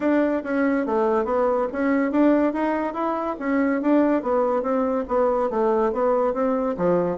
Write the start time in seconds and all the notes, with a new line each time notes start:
0.00 D4
0.43 C#4
0.86 A3
1.25 B3
1.72 C#4
2.11 D4
2.53 D#4
2.93 E4
3.39 C#4
3.81 D4
4.22 B3
4.62 C4
5.07 B3
5.50 A3
5.92 B3
6.33 C4
6.77 F3